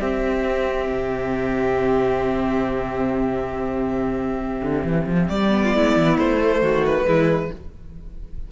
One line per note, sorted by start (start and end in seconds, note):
0.00 5.50 C4
0.00 0.90 C4
0.00 5.63 G4
0.00 5.29 E5
0.91 4.62 C3
4.62 4.84 D3
4.84 5.06 E3
5.07 5.29 F3
5.29 5.74 G3
5.29 6.17 D5
5.50 6.38 B3
5.64 5.75 F4
5.75 5.97 G#3
5.75 6.62 E4
5.97 6.18 E3
6.18 6.62 A3
6.18 6.84 C5
6.42 7.05 A3
6.62 7.06 D#3
6.62 7.07 F#4
6.86 7.52 B4
7.05 7.50 E3
7.05 7.49 G#3
7.05 7.51 E4